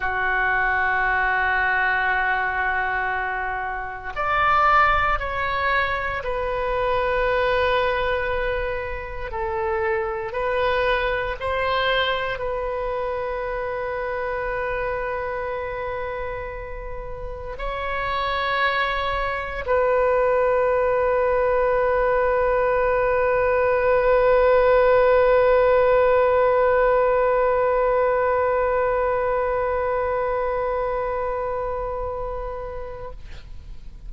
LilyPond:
\new Staff \with { instrumentName = "oboe" } { \time 4/4 \tempo 4 = 58 fis'1 | d''4 cis''4 b'2~ | b'4 a'4 b'4 c''4 | b'1~ |
b'4 cis''2 b'4~ | b'1~ | b'1~ | b'1 | }